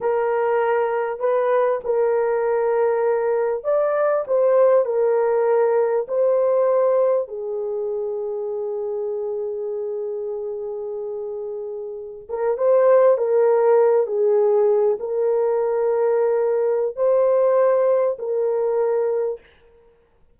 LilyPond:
\new Staff \with { instrumentName = "horn" } { \time 4/4 \tempo 4 = 99 ais'2 b'4 ais'4~ | ais'2 d''4 c''4 | ais'2 c''2 | gis'1~ |
gis'1~ | gis'16 ais'8 c''4 ais'4. gis'8.~ | gis'8. ais'2.~ ais'16 | c''2 ais'2 | }